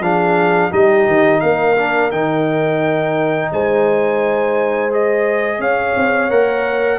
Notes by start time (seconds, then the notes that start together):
0.00 F3 D4 G#4 F5
0.70 G3 D#4 G4 D#5
1.06 D#3
1.40 A#3 A#4 F5
1.76 D4
2.11 D#3 D#4 G5
3.52 G#3 C5 G#5
4.90 G#4 D#5
5.58 C#4 C#5 F5
5.95 C4
6.30 A#3 A#4 F#5